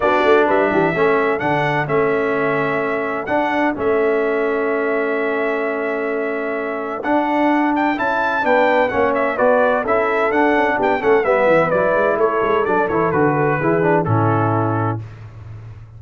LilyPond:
<<
  \new Staff \with { instrumentName = "trumpet" } { \time 4/4 \tempo 4 = 128 d''4 e''2 fis''4 | e''2. fis''4 | e''1~ | e''2. fis''4~ |
fis''8 g''8 a''4 g''4 fis''8 e''8 | d''4 e''4 fis''4 g''8 fis''8 | e''4 d''4 cis''4 d''8 cis''8 | b'2 a'2 | }
  \new Staff \with { instrumentName = "horn" } { \time 4/4 fis'4 b'8 g'8 a'2~ | a'1~ | a'1~ | a'1~ |
a'2 b'4 cis''4 | b'4 a'2 g'8 a'8 | b'2 a'2~ | a'4 gis'4 e'2 | }
  \new Staff \with { instrumentName = "trombone" } { \time 4/4 d'2 cis'4 d'4 | cis'2. d'4 | cis'1~ | cis'2. d'4~ |
d'4 e'4 d'4 cis'4 | fis'4 e'4 d'4. cis'8 | b4 e'2 d'8 e'8 | fis'4 e'8 d'8 cis'2 | }
  \new Staff \with { instrumentName = "tuba" } { \time 4/4 b8 a8 g8 e8 a4 d4 | a2. d'4 | a1~ | a2. d'4~ |
d'4 cis'4 b4 ais4 | b4 cis'4 d'8 cis'8 b8 a8 | g8 e8 fis8 gis8 a8 gis8 fis8 e8 | d4 e4 a,2 | }
>>